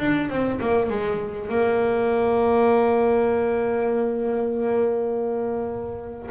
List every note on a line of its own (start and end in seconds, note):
0.00 0.30 D4
0.30 0.60 C4
0.61 0.90 A#3
0.90 1.49 G#3
1.49 6.29 A#3